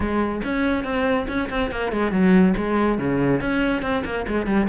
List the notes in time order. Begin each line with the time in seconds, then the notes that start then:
0.00 G#3
0.44 C#4
0.84 C4
1.28 C#4
1.49 C4
1.71 A#3
1.91 G#3
2.11 F#3
2.56 G#3
2.98 C#3
3.40 C#4
3.82 C4
4.04 A#3
4.27 G#3
4.46 G3